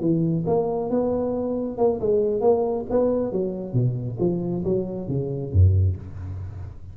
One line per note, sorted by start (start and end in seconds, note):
0.00 0.44 E3
0.46 0.89 A#3
0.89 1.77 B3
1.77 2.00 A#3
2.00 2.41 G#3
2.41 2.85 A#3
2.90 3.32 B3
3.32 3.73 F#3
3.73 4.17 B2
4.19 4.63 F3
4.64 5.08 F#3
5.08 5.52 C#3
5.52 5.96 F#2